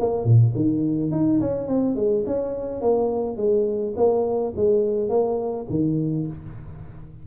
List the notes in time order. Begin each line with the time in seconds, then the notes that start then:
0.00 A#3
0.25 A#2
0.55 D#3
1.12 D#4
1.41 C#4
1.68 C4
1.96 G#3
2.27 C#4
2.81 A#3
3.37 G#3
3.97 A#3
4.56 G#3
5.09 A#3
5.70 D#3